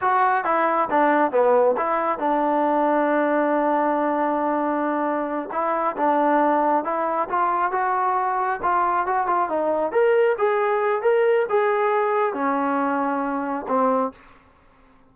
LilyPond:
\new Staff \with { instrumentName = "trombone" } { \time 4/4 \tempo 4 = 136 fis'4 e'4 d'4 b4 | e'4 d'2.~ | d'1~ | d'8 e'4 d'2 e'8~ |
e'8 f'4 fis'2 f'8~ | f'8 fis'8 f'8 dis'4 ais'4 gis'8~ | gis'4 ais'4 gis'2 | cis'2. c'4 | }